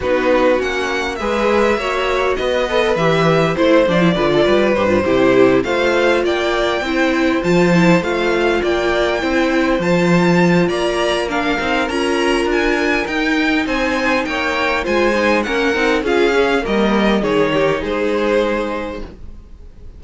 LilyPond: <<
  \new Staff \with { instrumentName = "violin" } { \time 4/4 \tempo 4 = 101 b'4 fis''4 e''2 | dis''4 e''4 c''8 d''4. | c''4. f''4 g''4.~ | g''8 a''4 f''4 g''4.~ |
g''8 a''4. ais''4 f''4 | ais''4 gis''4 g''4 gis''4 | g''4 gis''4 fis''4 f''4 | dis''4 cis''4 c''2 | }
  \new Staff \with { instrumentName = "violin" } { \time 4/4 fis'2 b'4 cis''4 | b'2 c''4 b'16 a'16 b'8~ | b'8 g'4 c''4 d''4 c''8~ | c''2~ c''8 d''4 c''8~ |
c''2 d''4 ais'4~ | ais'2. c''4 | cis''4 c''4 ais'4 gis'4 | ais'4 gis'8 g'8 gis'2 | }
  \new Staff \with { instrumentName = "viola" } { \time 4/4 dis'4 cis'4 gis'4 fis'4~ | fis'8 a'8 g'4 e'8 d'16 e'16 f'4 | g'16 f'16 e'4 f'2 e'8~ | e'8 f'8 e'8 f'2 e'8~ |
e'8 f'2~ f'8 d'8 dis'8 | f'2 dis'2~ | dis'4 f'8 dis'8 cis'8 dis'8 f'8 cis'8 | ais4 dis'2. | }
  \new Staff \with { instrumentName = "cello" } { \time 4/4 b4 ais4 gis4 ais4 | b4 e4 a8 f8 d8 g8 | g,8 c4 a4 ais4 c'8~ | c'8 f4 a4 ais4 c'8~ |
c'8 f4. ais4. c'8 | cis'4 d'4 dis'4 c'4 | ais4 gis4 ais8 c'8 cis'4 | g4 dis4 gis2 | }
>>